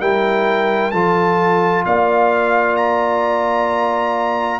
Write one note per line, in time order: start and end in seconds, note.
0.00 0.92 G3
0.00 0.92 E4
0.00 0.92 A#4
0.00 0.91 G5
0.91 1.85 F3
0.91 4.60 F4
0.91 1.85 A4
0.91 1.83 A5
1.85 4.60 A#3
1.85 4.60 D5
1.85 2.76 F5
2.76 4.60 A#5